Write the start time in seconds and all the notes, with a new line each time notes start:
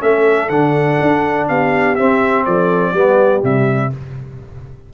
0.00 A3 C#4 A4 E5
0.49 D3 D4 F#5
1.01 D4
1.48 B3 G4 F5
1.95 C4 E5
2.45 F3 A4 D5
2.91 G3 B3 G4
3.41 C3 G3 E5